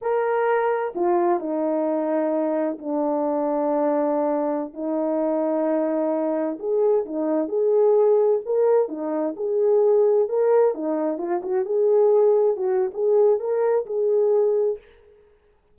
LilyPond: \new Staff \with { instrumentName = "horn" } { \time 4/4 \tempo 4 = 130 ais'2 f'4 dis'4~ | dis'2 d'2~ | d'2~ d'16 dis'4.~ dis'16~ | dis'2~ dis'16 gis'4 dis'8.~ |
dis'16 gis'2 ais'4 dis'8.~ | dis'16 gis'2 ais'4 dis'8.~ | dis'16 f'8 fis'8 gis'2 fis'8. | gis'4 ais'4 gis'2 | }